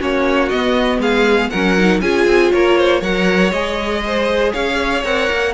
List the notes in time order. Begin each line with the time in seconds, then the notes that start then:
0.00 A#3 C#4 F#4 C#5
0.49 B3 D#5
0.98 G#3 G#4 F5
1.50 F#3 C#4 A#4 F#5
1.78 D#4
2.01 C#4 F4 G#4 G#5
2.26 C4
2.52 A#3 A#4 C#5
2.78 C5
3.00 F#3 A#4 C#5 F#5
3.52 G#3 G#4 D#5
4.07 C5
4.53 C#4 C#5 F5
5.04 C4 A#4 F#5
5.31 A#3